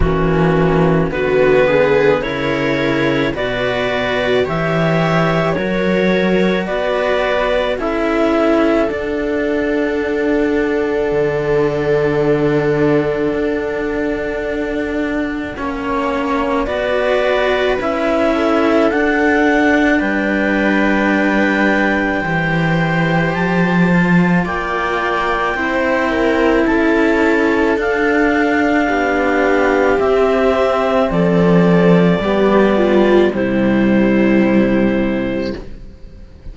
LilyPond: <<
  \new Staff \with { instrumentName = "clarinet" } { \time 4/4 \tempo 4 = 54 fis'4 b'4 cis''4 d''4 | e''4 cis''4 d''4 e''4 | fis''1~ | fis''2. d''4 |
e''4 fis''4 g''2~ | g''4 a''4 g''2 | a''4 f''2 e''4 | d''2 c''2 | }
  \new Staff \with { instrumentName = "viola" } { \time 4/4 cis'4 fis'8 gis'8 ais'4 b'4 | cis''4 ais'4 b'4 a'4~ | a'1~ | a'2 cis''4 b'4~ |
b'8 a'4. b'2 | c''2 d''4 c''8 ais'8 | a'2 g'2 | a'4 g'8 f'8 e'2 | }
  \new Staff \with { instrumentName = "cello" } { \time 4/4 ais4 b4 e'4 fis'4 | g'4 fis'2 e'4 | d'1~ | d'2 cis'4 fis'4 |
e'4 d'2. | g'4. f'4. e'4~ | e'4 d'2 c'4~ | c'4 b4 g2 | }
  \new Staff \with { instrumentName = "cello" } { \time 4/4 e4 d4 cis4 b,4 | e4 fis4 b4 cis'4 | d'2 d2 | d'2 ais4 b4 |
cis'4 d'4 g2 | e4 f4 ais4 c'4 | cis'4 d'4 b4 c'4 | f4 g4 c2 | }
>>